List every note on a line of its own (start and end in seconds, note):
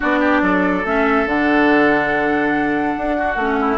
0.00 0.41 B3
0.00 0.84 D4
0.00 0.19 F#4
0.00 0.85 D5
0.19 0.40 G4
0.41 0.84 F#3
0.41 3.17 A4
0.84 1.26 A3
0.84 1.26 C#4
0.84 1.27 E5
1.26 2.95 D3
1.26 3.37 D4
1.26 3.78 F#5
2.97 3.36 D4
3.17 3.59 F#4
3.36 3.78 A3
3.36 3.78 C#4
3.60 3.78 E4